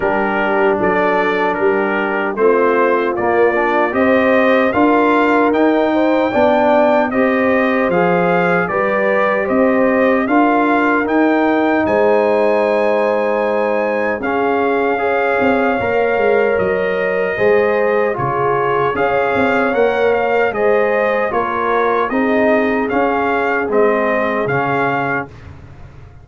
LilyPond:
<<
  \new Staff \with { instrumentName = "trumpet" } { \time 4/4 \tempo 4 = 76 ais'4 d''4 ais'4 c''4 | d''4 dis''4 f''4 g''4~ | g''4 dis''4 f''4 d''4 | dis''4 f''4 g''4 gis''4~ |
gis''2 f''2~ | f''4 dis''2 cis''4 | f''4 fis''8 f''8 dis''4 cis''4 | dis''4 f''4 dis''4 f''4 | }
  \new Staff \with { instrumentName = "horn" } { \time 4/4 g'4 a'4 g'4 f'4~ | f'4 c''4 ais'4. c''8 | d''4 c''2 b'4 | c''4 ais'2 c''4~ |
c''2 gis'4 cis''4~ | cis''2 c''4 gis'4 | cis''2 c''4 ais'4 | gis'1 | }
  \new Staff \with { instrumentName = "trombone" } { \time 4/4 d'2. c'4 | ais8 d'8 g'4 f'4 dis'4 | d'4 g'4 gis'4 g'4~ | g'4 f'4 dis'2~ |
dis'2 cis'4 gis'4 | ais'2 gis'4 f'4 | gis'4 ais'4 gis'4 f'4 | dis'4 cis'4 c'4 cis'4 | }
  \new Staff \with { instrumentName = "tuba" } { \time 4/4 g4 fis4 g4 a4 | ais4 c'4 d'4 dis'4 | b4 c'4 f4 g4 | c'4 d'4 dis'4 gis4~ |
gis2 cis'4. c'8 | ais8 gis8 fis4 gis4 cis4 | cis'8 c'8 ais4 gis4 ais4 | c'4 cis'4 gis4 cis4 | }
>>